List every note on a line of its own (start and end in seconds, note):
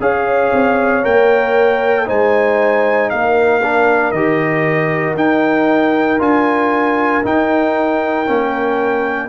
0.00 0.52 C#4
0.00 1.03 G#4
0.00 2.07 C#5
0.00 1.05 F5
0.53 1.04 C4
1.03 2.09 A#3
1.03 2.06 A#4
1.03 2.08 G5
2.06 3.12 G#3
2.06 3.61 D#4
2.06 3.10 C5
2.06 3.10 G#5
3.10 4.12 A#3
3.10 9.29 A#4
3.10 4.11 F5
3.63 4.14 D4
4.11 5.15 D#3
4.11 5.16 G4
4.11 5.15 D#5
5.15 6.19 D#4
5.15 6.21 G5
6.19 7.23 D4
6.19 7.23 F4
6.19 7.25 G#5
7.23 8.26 D#4
7.23 8.28 D#4
7.23 9.29 G5
8.26 9.29 A#3
8.26 9.29 C#4